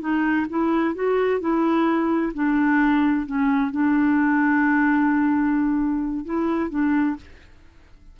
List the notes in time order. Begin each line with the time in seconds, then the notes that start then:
0.00 D#4
0.50 E4
0.94 F#4
1.40 E4
2.34 D4
3.26 C#4
3.71 D4
6.25 E4
6.70 D4